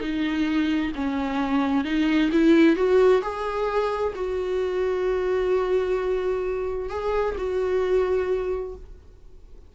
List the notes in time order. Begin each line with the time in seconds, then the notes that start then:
0.00 D#4
0.95 C#4
1.84 D#4
2.32 E4
2.75 F#4
3.22 G#4
4.15 F#4
6.90 G#4
7.37 F#4